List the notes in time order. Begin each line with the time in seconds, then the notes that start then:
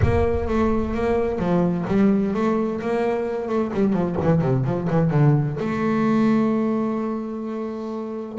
0.02 A#3
0.48 A3
0.94 A#3
1.38 F3
1.87 G3
2.34 A3
2.81 A#3
3.48 A3
3.73 G3
3.93 F3
4.22 E3
4.41 C3
4.64 F3
4.89 E3
5.10 D3
5.59 A3